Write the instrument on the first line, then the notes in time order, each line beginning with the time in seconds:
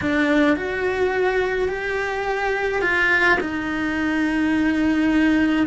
cello
0.01 D4
0.56 F#4
1.68 G4
2.81 F4
3.40 D#4